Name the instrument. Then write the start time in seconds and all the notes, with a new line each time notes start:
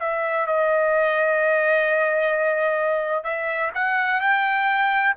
trumpet
0.00 E5
0.47 D#5
3.24 E5
3.75 F#5
4.21 G5